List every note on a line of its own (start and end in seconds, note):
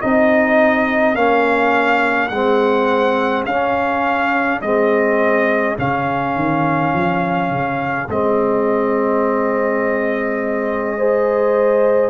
0.00 1.15 C4
0.00 1.16 D#4
0.00 10.96 G#4
0.00 1.16 D#5
1.15 2.31 A#3
1.15 2.31 C#4
1.15 2.29 F5
2.29 3.46 G#3
2.29 3.49 C4
2.29 3.44 F#5
3.46 4.61 C#4
3.46 4.63 C#4
3.46 4.61 F5
4.62 5.77 G#3
4.62 5.78 C4
4.62 5.77 D#5
5.78 6.36 C#3
5.78 8.09 C#4
5.78 8.10 F5
6.36 6.94 D#3
6.94 7.50 F3
7.50 8.08 C#3
8.09 12.10 G#3
8.09 10.99 C4
8.09 12.10 D#5
10.98 12.10 G#4
10.98 12.10 C5